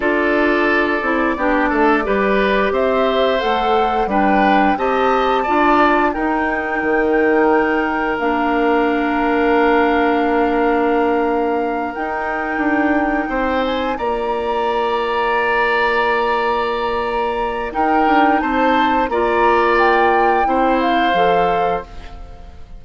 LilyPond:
<<
  \new Staff \with { instrumentName = "flute" } { \time 4/4 \tempo 4 = 88 d''1 | e''4 fis''4 g''4 a''4~ | a''4 g''2. | f''1~ |
f''4. g''2~ g''8 | gis''8 ais''2.~ ais''8~ | ais''2 g''4 a''4 | ais''4 g''4. f''4. | }
  \new Staff \with { instrumentName = "oboe" } { \time 4/4 a'2 g'8 a'8 b'4 | c''2 b'4 dis''4 | d''4 ais'2.~ | ais'1~ |
ais'2.~ ais'8 c''8~ | c''8 d''2.~ d''8~ | d''2 ais'4 c''4 | d''2 c''2 | }
  \new Staff \with { instrumentName = "clarinet" } { \time 4/4 f'4. e'8 d'4 g'4~ | g'4 a'4 d'4 g'4 | f'4 dis'2. | d'1~ |
d'4. dis'2~ dis'8~ | dis'8 f'2.~ f'8~ | f'2 dis'2 | f'2 e'4 a'4 | }
  \new Staff \with { instrumentName = "bassoon" } { \time 4/4 d'4. c'8 b8 a8 g4 | c'4 a4 g4 c'4 | d'4 dis'4 dis2 | ais1~ |
ais4. dis'4 d'4 c'8~ | c'8 ais2.~ ais8~ | ais2 dis'8 d'8 c'4 | ais2 c'4 f4 | }
>>